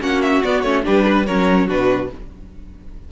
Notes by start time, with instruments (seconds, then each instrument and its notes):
0.00 cello A#3, viola C#4, violin F#4 F#5
0.21 violin E5
0.43 viola B3, cello B3, violin D5
0.61 cello A3, viola C#4, violin C#5
0.83 cello G3, viola D4, violin G4 B4
1.07 violin B4
1.26 cello F#3, viola C#4, violin A#4 C#5
1.67 cello B2, viola D4, violin F#4 B4